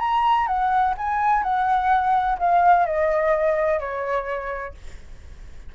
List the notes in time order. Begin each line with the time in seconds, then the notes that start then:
0.00 A#5
0.47 F#5
0.98 G#5
1.44 F#5
2.39 F5
2.86 D#5
3.80 C#5